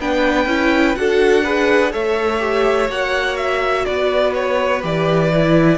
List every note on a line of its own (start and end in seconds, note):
0.00 0.46 B3
0.00 0.48 D4
0.00 0.99 B4
0.00 0.96 G5
0.46 0.95 C#4
0.46 0.97 E4
0.96 1.94 D4
0.96 1.45 F#4
0.96 1.44 A4
0.96 1.93 F#5
1.44 1.92 G#4
1.44 1.92 B4
1.92 2.89 A3
1.92 2.39 A4
1.92 3.86 C#5
1.92 2.90 E5
2.39 2.87 G4
2.89 3.86 A#3
2.89 4.82 F#4
2.89 3.37 F#5
3.37 3.85 E5
3.85 4.84 B3
3.85 5.78 B4
3.85 4.34 D5
4.34 4.83 C#5
4.82 5.78 E3
4.82 5.31 G4
4.82 5.78 D5
5.34 5.78 E4